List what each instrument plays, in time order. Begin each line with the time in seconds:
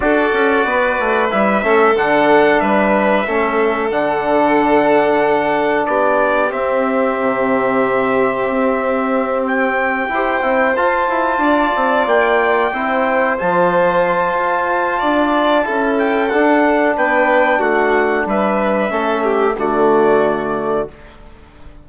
0.00 bassoon D4, trombone F#4, violin A4, trumpet D5
0.32 bassoon C#4
0.65 bassoon B3, violin B4
0.99 bassoon A3
1.30 bassoon G3, trombone E4, trumpet E5
1.62 bassoon A3, trombone C#4, violin A4
1.94 bassoon D3, trombone D4, trumpet F#5
2.60 bassoon G3, violin B4, trumpet E5
3.26 bassoon A3, trombone C#4, violin A4
3.91 bassoon D3, trombone D4, trumpet F#5
5.86 bassoon B3, violin G4, trumpet D5
6.50 trombone C4, bassoon C4, trumpet E5
7.20 bassoon C3
8.48 bassoon C4
9.46 trumpet G5
10.08 bassoon E4, trombone G4, violin C5
10.41 bassoon C4, trombone E4
10.75 bassoon F4, trombone F4, trumpet A5
11.08 bassoon E4
11.37 bassoon D4, violin D5
11.75 bassoon C4
12.06 bassoon A#3, trumpet G5
12.72 bassoon C4, trombone E4, violin C5
13.38 bassoon F3, trombone F4, trumpet A5
14.34 bassoon F4
14.99 bassoon D4, violin D5
15.63 bassoon C#4, trombone E4, violin A4
15.99 trumpet G5
16.28 trombone D4, bassoon D4, trumpet F#5
16.96 bassoon B3, violin B4, trumpet G5
17.58 bassoon A3, violin F#4, trumpet F#5
18.25 bassoon G3, violin B4, trumpet E5
18.88 bassoon A3, trombone C#4, violin A4
19.23 violin G4
19.57 bassoon D3, trombone A3, violin F#4, trumpet D5